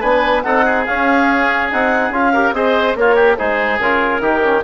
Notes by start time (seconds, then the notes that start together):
0.00 B3 D4 B4 G#5
0.43 C4 D#4 A4 F#5
0.65 G#4
0.85 C#4 F5
1.71 C4 D#4 F#5
2.10 C#4 F4 F5
2.33 G4 A#4
2.53 C4 G#4 C5 D#5
2.95 A#3 F4 A#4 C#5
3.15 G4
3.37 G#3 D#4 G#4 C5
3.79 C#3 F4 A#4
4.20 D#3 D#4 G4
4.42 C#4